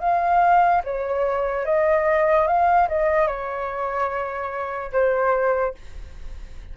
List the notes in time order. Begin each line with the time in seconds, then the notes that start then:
0.00 F5
0.84 C#5
1.66 D#5
2.47 F5
2.89 D#5
3.28 C#5
4.92 C5